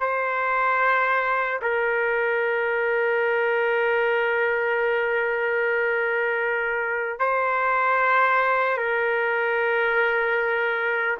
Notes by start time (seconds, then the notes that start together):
0.00 C5
1.61 A#4
7.19 C5
8.77 A#4